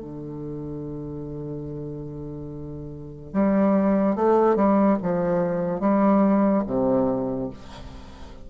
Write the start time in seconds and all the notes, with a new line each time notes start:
0.00 D3
3.33 G3
4.16 A3
4.56 G3
5.03 F3
5.80 G3
6.67 C3